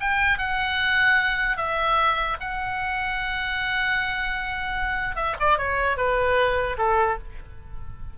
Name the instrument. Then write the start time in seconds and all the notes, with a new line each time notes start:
oboe
0.00 G5
0.38 F#5
1.57 E5
2.40 F#5
5.16 E5
5.40 D5
5.58 C#5
5.97 B4
6.78 A4